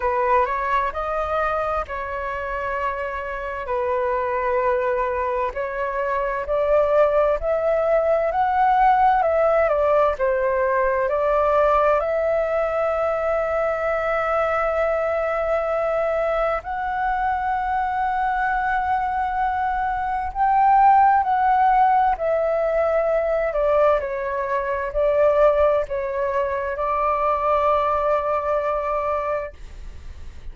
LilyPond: \new Staff \with { instrumentName = "flute" } { \time 4/4 \tempo 4 = 65 b'8 cis''8 dis''4 cis''2 | b'2 cis''4 d''4 | e''4 fis''4 e''8 d''8 c''4 | d''4 e''2.~ |
e''2 fis''2~ | fis''2 g''4 fis''4 | e''4. d''8 cis''4 d''4 | cis''4 d''2. | }